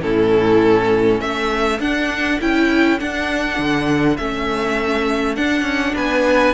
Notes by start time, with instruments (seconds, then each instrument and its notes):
0.00 cello A2, viola C#4, violin E4 A4
1.20 cello A3, violin A4 E5
1.79 cello D4, viola D4, violin F#5
2.40 cello C#4, viola E4, violin G5
2.98 viola D4, cello D4, violin F#5
3.58 cello D3
4.16 cello A3, viola C#4, violin E5
5.35 viola D4, cello D4, violin F#5
5.62 cello C#4
5.95 cello B3, violin B4 G#5